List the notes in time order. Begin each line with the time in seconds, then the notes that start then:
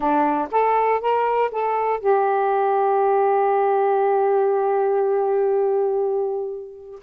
0.00 D4
0.51 A4
1.00 A#4
1.51 A4
2.00 G4